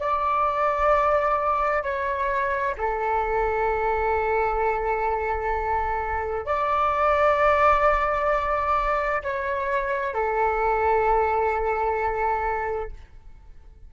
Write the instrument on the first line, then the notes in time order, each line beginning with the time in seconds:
flute
0.00 D5
1.83 C#5
2.78 A4
6.46 D5
9.23 C#5
10.14 A4